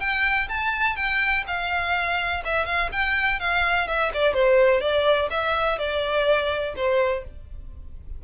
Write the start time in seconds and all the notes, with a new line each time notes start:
0.00 G5
0.49 A5
0.96 G5
1.47 F5
2.45 E5
2.66 F5
2.92 G5
3.39 F5
3.88 E5
4.13 D5
4.34 C5
4.81 D5
5.30 E5
5.78 D5
6.76 C5